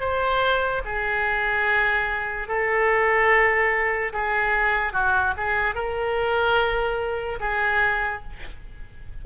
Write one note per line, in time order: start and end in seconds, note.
0.00 0.82 C5
0.85 2.48 G#4
2.48 4.12 A4
4.13 4.93 G#4
4.93 5.34 F#4
5.37 5.75 G#4
5.75 7.39 A#4
7.40 8.23 G#4